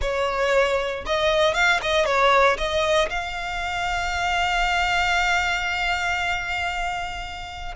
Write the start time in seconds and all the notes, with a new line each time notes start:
0.01 C#5
1.06 D#5
1.54 F5
1.82 D#5
2.05 C#5
2.57 D#5
3.09 F5